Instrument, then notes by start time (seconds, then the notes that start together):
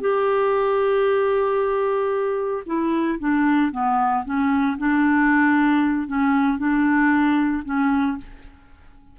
clarinet
0.00 G4
2.66 E4
3.19 D4
3.71 B3
4.24 C#4
4.78 D4
6.07 C#4
6.58 D4
7.65 C#4